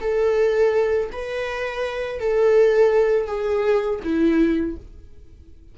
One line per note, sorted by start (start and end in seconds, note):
0.00 1.10 A4
1.12 2.20 B4
2.20 3.27 A4
3.27 4.00 G#4
4.03 4.77 E4